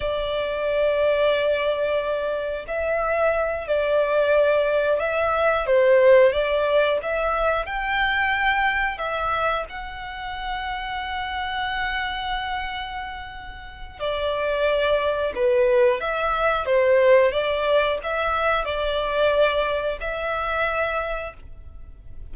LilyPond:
\new Staff \with { instrumentName = "violin" } { \time 4/4 \tempo 4 = 90 d''1 | e''4. d''2 e''8~ | e''8 c''4 d''4 e''4 g''8~ | g''4. e''4 fis''4.~ |
fis''1~ | fis''4 d''2 b'4 | e''4 c''4 d''4 e''4 | d''2 e''2 | }